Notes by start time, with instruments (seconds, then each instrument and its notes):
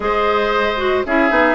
0.00 bassoon G#3, clarinet G#4, oboe C5, flute D#5
0.77 clarinet F#4
1.05 bassoon C#4, clarinet E4, oboe G#4, flute E5
1.30 bassoon B3, clarinet D#4